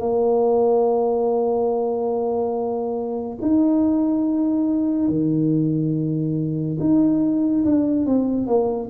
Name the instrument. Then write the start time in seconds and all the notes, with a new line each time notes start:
tuba
0.00 A#3
3.41 D#4
5.08 D#3
6.80 D#4
7.64 D4
8.06 C4
8.47 A#3